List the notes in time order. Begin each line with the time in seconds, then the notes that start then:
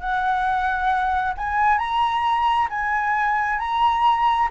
0.00 F#5
1.37 G#5
1.78 A#5
2.70 G#5
3.59 A#5